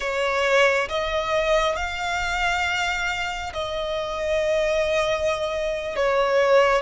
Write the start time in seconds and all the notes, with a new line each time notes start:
0.00 C#5
0.88 D#5
1.76 F5
3.53 D#5
5.96 C#5